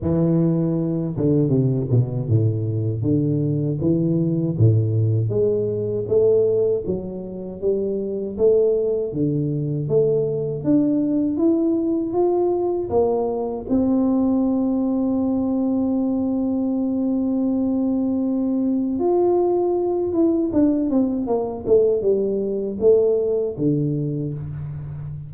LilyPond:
\new Staff \with { instrumentName = "tuba" } { \time 4/4 \tempo 4 = 79 e4. d8 c8 b,8 a,4 | d4 e4 a,4 gis4 | a4 fis4 g4 a4 | d4 a4 d'4 e'4 |
f'4 ais4 c'2~ | c'1~ | c'4 f'4. e'8 d'8 c'8 | ais8 a8 g4 a4 d4 | }